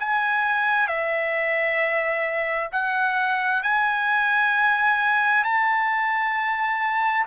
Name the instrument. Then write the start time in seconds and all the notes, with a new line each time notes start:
trumpet
0.00 G#5
0.88 E5
2.72 F#5
3.63 G#5
5.44 A5